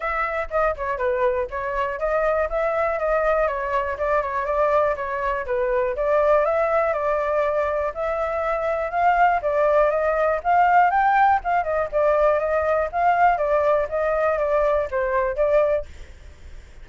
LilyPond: \new Staff \with { instrumentName = "flute" } { \time 4/4 \tempo 4 = 121 e''4 dis''8 cis''8 b'4 cis''4 | dis''4 e''4 dis''4 cis''4 | d''8 cis''8 d''4 cis''4 b'4 | d''4 e''4 d''2 |
e''2 f''4 d''4 | dis''4 f''4 g''4 f''8 dis''8 | d''4 dis''4 f''4 d''4 | dis''4 d''4 c''4 d''4 | }